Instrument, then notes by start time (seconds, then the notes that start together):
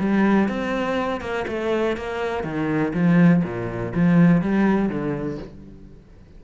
cello
0.00 G3
0.49 C4
1.21 A#3
1.48 A3
1.97 A#3
2.44 D#3
2.94 F3
3.44 A#2
3.95 F3
4.42 G3
4.90 D3